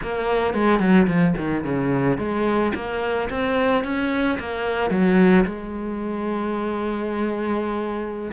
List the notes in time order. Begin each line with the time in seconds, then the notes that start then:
0.02 A#3
0.53 G#3
0.79 F#3
1.07 F3
1.37 D#3
1.64 C#3
2.18 G#3
2.74 A#3
3.29 C4
3.84 C#4
4.39 A#3
4.90 F#3
5.45 G#3